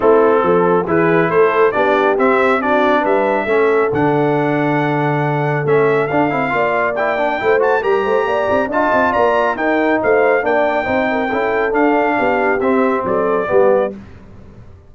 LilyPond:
<<
  \new Staff \with { instrumentName = "trumpet" } { \time 4/4 \tempo 4 = 138 a'2 b'4 c''4 | d''4 e''4 d''4 e''4~ | e''4 fis''2.~ | fis''4 e''4 f''2 |
g''4. a''8 ais''2 | a''4 ais''4 g''4 f''4 | g''2. f''4~ | f''4 e''4 d''2 | }
  \new Staff \with { instrumentName = "horn" } { \time 4/4 e'4 a'4 gis'4 a'4 | g'2 fis'4 b'4 | a'1~ | a'2. d''4~ |
d''4 c''4 ais'8 c''8 d''4 | dis''4 d''4 ais'4 c''4 | d''4 c''8 ais'8 a'2 | g'2 a'4 g'4 | }
  \new Staff \with { instrumentName = "trombone" } { \time 4/4 c'2 e'2 | d'4 c'4 d'2 | cis'4 d'2.~ | d'4 cis'4 d'8 e'8 f'4 |
e'8 d'8 e'8 fis'8 g'2 | f'2 dis'2 | d'4 dis'4 e'4 d'4~ | d'4 c'2 b4 | }
  \new Staff \with { instrumentName = "tuba" } { \time 4/4 a4 f4 e4 a4 | b4 c'2 g4 | a4 d2.~ | d4 a4 d'8 c'8 ais4~ |
ais4 a4 g8 a8 ais8 c'8 | d'8 c'8 ais4 dis'4 a4 | ais4 c'4 cis'4 d'4 | b4 c'4 fis4 g4 | }
>>